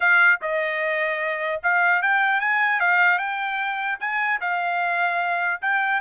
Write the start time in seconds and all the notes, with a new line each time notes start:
0.00 F5
0.41 D#5
1.62 F5
2.02 G5
2.40 G#5
2.79 F5
3.18 G5
4.00 G#5
4.41 F5
5.61 G5